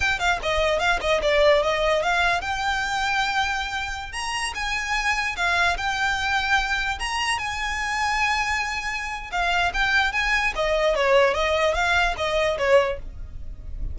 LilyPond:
\new Staff \with { instrumentName = "violin" } { \time 4/4 \tempo 4 = 148 g''8 f''8 dis''4 f''8 dis''8 d''4 | dis''4 f''4 g''2~ | g''2~ g''16 ais''4 gis''8.~ | gis''4~ gis''16 f''4 g''4.~ g''16~ |
g''4~ g''16 ais''4 gis''4.~ gis''16~ | gis''2. f''4 | g''4 gis''4 dis''4 cis''4 | dis''4 f''4 dis''4 cis''4 | }